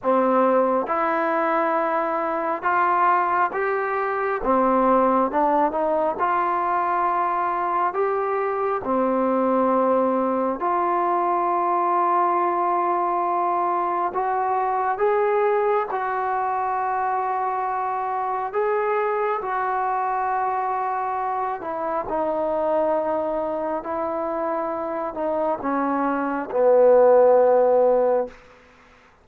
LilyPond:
\new Staff \with { instrumentName = "trombone" } { \time 4/4 \tempo 4 = 68 c'4 e'2 f'4 | g'4 c'4 d'8 dis'8 f'4~ | f'4 g'4 c'2 | f'1 |
fis'4 gis'4 fis'2~ | fis'4 gis'4 fis'2~ | fis'8 e'8 dis'2 e'4~ | e'8 dis'8 cis'4 b2 | }